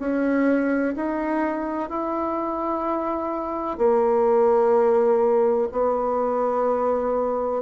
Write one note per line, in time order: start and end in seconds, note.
0.00 0.95 C#4
0.97 1.90 D#4
1.90 3.78 E4
3.78 5.69 A#3
5.72 7.63 B3